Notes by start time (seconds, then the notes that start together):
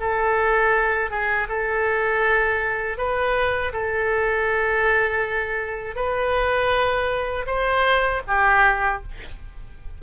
0.00 A4
1.10 G#4
1.49 A4
2.97 B4
3.73 A4
5.96 B4
7.47 C5
8.27 G4